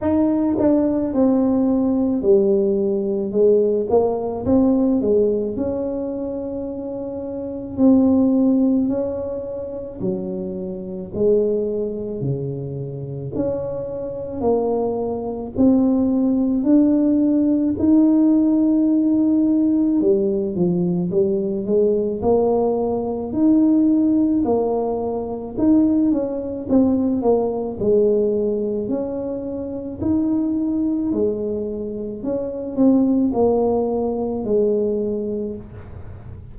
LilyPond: \new Staff \with { instrumentName = "tuba" } { \time 4/4 \tempo 4 = 54 dis'8 d'8 c'4 g4 gis8 ais8 | c'8 gis8 cis'2 c'4 | cis'4 fis4 gis4 cis4 | cis'4 ais4 c'4 d'4 |
dis'2 g8 f8 g8 gis8 | ais4 dis'4 ais4 dis'8 cis'8 | c'8 ais8 gis4 cis'4 dis'4 | gis4 cis'8 c'8 ais4 gis4 | }